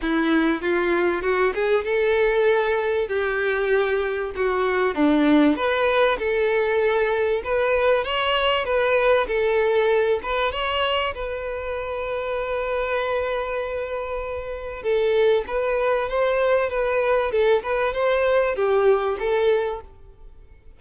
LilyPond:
\new Staff \with { instrumentName = "violin" } { \time 4/4 \tempo 4 = 97 e'4 f'4 fis'8 gis'8 a'4~ | a'4 g'2 fis'4 | d'4 b'4 a'2 | b'4 cis''4 b'4 a'4~ |
a'8 b'8 cis''4 b'2~ | b'1 | a'4 b'4 c''4 b'4 | a'8 b'8 c''4 g'4 a'4 | }